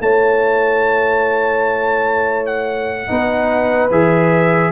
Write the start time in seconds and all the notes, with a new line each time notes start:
0.00 A3 E4 C#5 A5
2.47 F#5
3.08 B3 D#4 B4
3.91 E3 G#4 E5